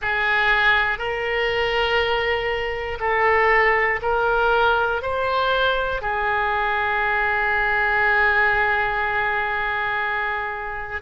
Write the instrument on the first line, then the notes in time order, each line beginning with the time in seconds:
oboe
0.01 G#4
0.98 A#4
3.00 A4
4.01 A#4
5.02 C5
6.01 G#4